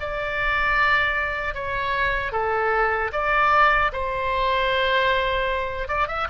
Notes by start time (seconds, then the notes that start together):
0.00 D5
1.54 C#5
2.32 A4
3.13 D5
3.92 C5
5.88 D5
6.08 E5